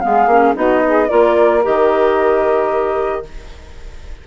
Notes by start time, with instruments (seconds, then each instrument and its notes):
0.00 bassoon G#3, clarinet B3, flute F5
0.06 saxophone G#4
0.26 bassoon A#3, clarinet C#4
0.55 bassoon B3, clarinet D#4, saxophone F#4, flute D#5
0.87 saxophone G#4
1.08 bassoon A#3, clarinet F4, saxophone A#4, flute D5
1.63 bassoon D#3, clarinet G4, flute D#5